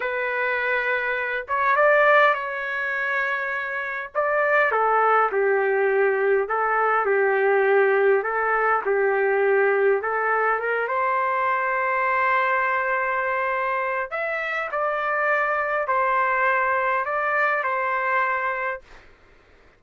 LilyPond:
\new Staff \with { instrumentName = "trumpet" } { \time 4/4 \tempo 4 = 102 b'2~ b'8 cis''8 d''4 | cis''2. d''4 | a'4 g'2 a'4 | g'2 a'4 g'4~ |
g'4 a'4 ais'8 c''4.~ | c''1 | e''4 d''2 c''4~ | c''4 d''4 c''2 | }